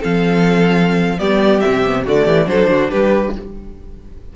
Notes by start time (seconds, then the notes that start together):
0.00 F3 C4 A4 F5
1.18 G3 B3 G4 D5
1.61 C4 E5
1.67 C3
1.85 B3
2.05 D3 A3 F#4 D5
2.25 E3 G4
2.46 F#3 D4 A4 C5
2.68 D3 F#4
2.91 G3 G4 B4